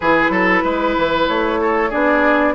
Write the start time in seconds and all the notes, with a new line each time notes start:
0.00 E3 E4 G#4 B4
0.29 F#3 A4
0.64 G#3 B4
0.97 E3
1.27 A3 C#5
1.60 A4
1.89 B3 D4 G#4 D5